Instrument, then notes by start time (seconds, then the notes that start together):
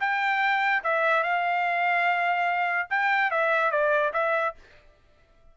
trumpet
0.00 G5
0.84 E5
1.23 F5
2.90 G5
3.31 E5
3.71 D5
4.13 E5